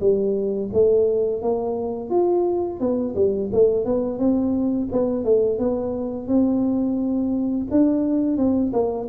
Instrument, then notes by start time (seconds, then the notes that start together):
tuba
0.00 G3
0.73 A3
1.42 A#3
2.10 F4
2.79 B3
3.15 G3
3.53 A3
3.85 B3
4.19 C4
4.92 B3
5.24 A3
5.58 B3
6.27 C4
7.70 D4
8.37 C4
8.72 A#3